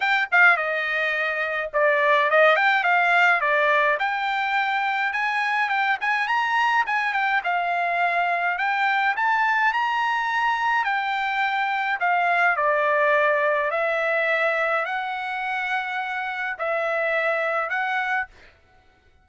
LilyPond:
\new Staff \with { instrumentName = "trumpet" } { \time 4/4 \tempo 4 = 105 g''8 f''8 dis''2 d''4 | dis''8 g''8 f''4 d''4 g''4~ | g''4 gis''4 g''8 gis''8 ais''4 | gis''8 g''8 f''2 g''4 |
a''4 ais''2 g''4~ | g''4 f''4 d''2 | e''2 fis''2~ | fis''4 e''2 fis''4 | }